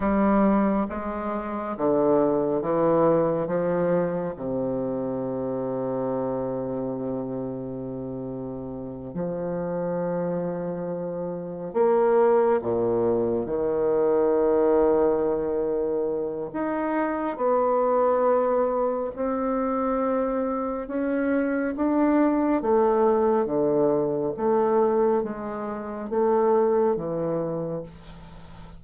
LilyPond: \new Staff \with { instrumentName = "bassoon" } { \time 4/4 \tempo 4 = 69 g4 gis4 d4 e4 | f4 c2.~ | c2~ c8 f4.~ | f4. ais4 ais,4 dis8~ |
dis2. dis'4 | b2 c'2 | cis'4 d'4 a4 d4 | a4 gis4 a4 e4 | }